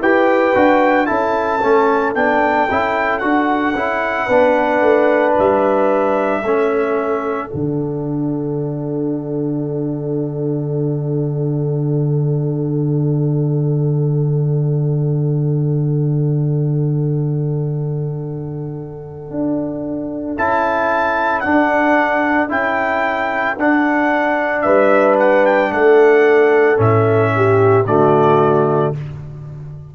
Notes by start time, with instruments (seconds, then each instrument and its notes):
0.00 tuba E4, trombone G4, horn B4, trumpet G5
0.55 tuba D4, trombone F#4
1.06 tuba C#4, trombone E4, horn A4, trumpet A5
1.62 tuba A3, trombone C#4
2.15 tuba B3, trombone D4, trumpet G5
2.71 tuba C#4, trombone E4
3.19 tuba D4, trombone F#4, trumpet F#5
3.75 tuba C#4, trombone E4
4.26 tuba B3, trombone D4, horn B4
4.81 tuba A3
5.39 tuba G3, trumpet E5
6.43 tuba A3, trombone C#4, horn A4
7.50 tuba D3, trombone D4, trumpet F#5
19.31 tuba D4
20.38 tuba C#4, trombone E4, trumpet A5
21.40 trombone D4, tuba D4, trumpet F#5
22.49 tuba C#4, trombone E4, trumpet G5
23.58 tuba D4, trombone D4, trumpet F#5
24.62 tuba G3, horn B4, trumpet E5
25.19 trumpet F#5
25.46 trumpet G5
25.71 tuba A3, horn A4, trumpet F#5
26.77 tuba A2, trombone C#4, trumpet E5
27.36 horn G4
27.86 tuba D3, trombone A3, horn F#4, trumpet D5